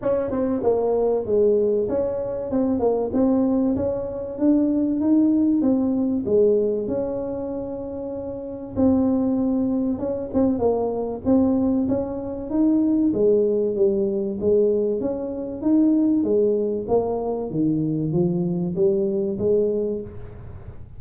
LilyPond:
\new Staff \with { instrumentName = "tuba" } { \time 4/4 \tempo 4 = 96 cis'8 c'8 ais4 gis4 cis'4 | c'8 ais8 c'4 cis'4 d'4 | dis'4 c'4 gis4 cis'4~ | cis'2 c'2 |
cis'8 c'8 ais4 c'4 cis'4 | dis'4 gis4 g4 gis4 | cis'4 dis'4 gis4 ais4 | dis4 f4 g4 gis4 | }